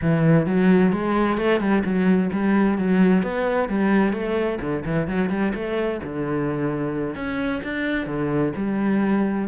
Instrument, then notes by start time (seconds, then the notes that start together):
cello
0.01 E3
0.46 F#3
0.92 G#3
1.37 A3
1.60 G3
1.84 F#3
2.32 G3
2.78 F#3
3.22 B3
3.69 G3
4.12 A3
4.60 D3
4.85 E3
5.07 F#3
5.29 G3
5.54 A3
6.03 D3
7.15 C#4
7.63 D4
8.06 D3
8.56 G3